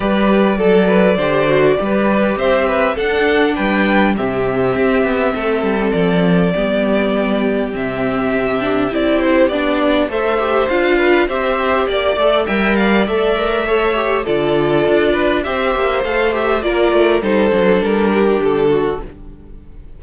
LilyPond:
<<
  \new Staff \with { instrumentName = "violin" } { \time 4/4 \tempo 4 = 101 d''1 | e''4 fis''4 g''4 e''4~ | e''2 d''2~ | d''4 e''2 d''8 c''8 |
d''4 e''4 f''4 e''4 | d''4 g''8 f''8 e''2 | d''2 e''4 f''8 e''8 | d''4 c''4 ais'4 a'4 | }
  \new Staff \with { instrumentName = "violin" } { \time 4/4 b'4 a'8 b'8 c''4 b'4 | c''8 b'8 a'4 b'4 g'4~ | g'4 a'2 g'4~ | g'1~ |
g'4 c''4. b'8 c''4 | d''4 e''8 d''4. cis''4 | a'4. b'8 c''2 | ais'4 a'4. g'4 fis'8 | }
  \new Staff \with { instrumentName = "viola" } { \time 4/4 g'4 a'4 g'8 fis'8 g'4~ | g'4 d'2 c'4~ | c'2. b4~ | b4 c'4. d'8 e'4 |
d'4 a'8 g'8 f'4 g'4~ | g'8 a'8 ais'4 a'8 ais'8 a'8 g'8 | f'2 g'4 a'8 g'8 | f'4 dis'8 d'2~ d'8 | }
  \new Staff \with { instrumentName = "cello" } { \time 4/4 g4 fis4 d4 g4 | c'4 d'4 g4 c4 | c'8 b8 a8 g8 f4 g4~ | g4 c2 c'4 |
b4 a4 d'4 c'4 | ais8 a8 g4 a2 | d4 d'4 c'8 ais8 a4 | ais8 a8 g8 fis8 g4 d4 | }
>>